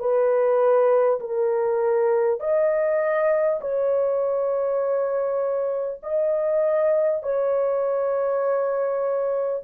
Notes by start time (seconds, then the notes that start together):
0.00 B4
1.21 A#4
2.40 D#5
3.61 C#5
6.03 D#5
7.23 C#5